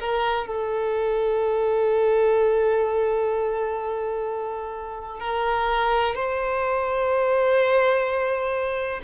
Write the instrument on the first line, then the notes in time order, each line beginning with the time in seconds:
violin
0.00 A#4
0.47 A4
5.20 A#4
6.15 C5